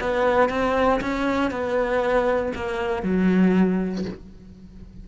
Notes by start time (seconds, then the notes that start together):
0.00 B3
0.49 C4
1.01 C#4
1.51 B3
2.55 A#3
3.03 F#3